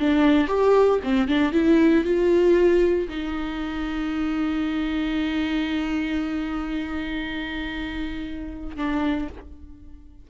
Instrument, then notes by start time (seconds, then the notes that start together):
viola
0.00 D4
0.48 G4
1.04 C4
1.28 D4
1.53 E4
2.05 F4
3.09 D#4
8.77 D4